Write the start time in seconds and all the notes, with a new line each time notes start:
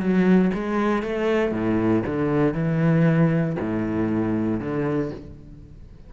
0.00 F#3
0.54 G#3
1.03 A3
1.52 A2
2.07 D3
2.54 E3
3.60 A2
4.60 D3